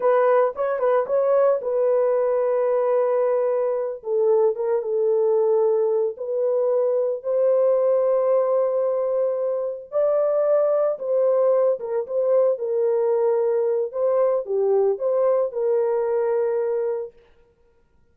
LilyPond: \new Staff \with { instrumentName = "horn" } { \time 4/4 \tempo 4 = 112 b'4 cis''8 b'8 cis''4 b'4~ | b'2.~ b'8 a'8~ | a'8 ais'8 a'2~ a'8 b'8~ | b'4. c''2~ c''8~ |
c''2~ c''8 d''4.~ | d''8 c''4. ais'8 c''4 ais'8~ | ais'2 c''4 g'4 | c''4 ais'2. | }